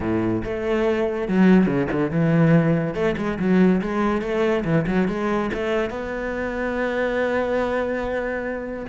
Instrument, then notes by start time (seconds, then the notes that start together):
cello
0.00 A2
0.44 A3
1.28 F#3
1.66 C#3
1.91 D3
2.10 E3
2.94 A3
3.17 G#3
3.39 F#3
3.81 G#3
4.21 A3
4.64 E3
4.86 F#3
5.08 G#3
5.53 A3
5.89 B3